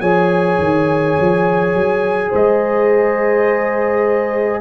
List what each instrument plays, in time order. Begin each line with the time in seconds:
0.00 tuba F3, trombone G#4, horn C#5, trumpet G#5
0.59 tuba D#3
1.20 tuba F3
1.74 tuba F#3
2.30 tuba G#3, horn C5, trumpet D#5